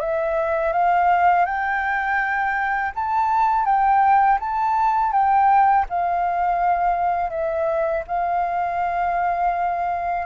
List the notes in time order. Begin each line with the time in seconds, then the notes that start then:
0.00 E5
0.73 F5
1.46 G5
2.95 A5
3.66 G5
4.40 A5
5.13 G5
5.90 F5
7.31 E5
8.08 F5